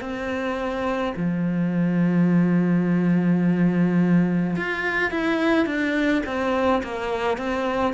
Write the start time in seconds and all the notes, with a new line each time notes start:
0.00 C4
1.16 F3
4.56 F4
5.11 E4
5.66 D4
6.26 C4
6.83 A#3
7.38 C4